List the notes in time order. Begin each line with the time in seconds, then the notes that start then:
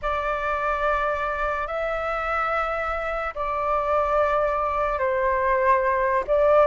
0.02 D5
1.67 E5
3.34 D5
4.98 C5
6.27 D5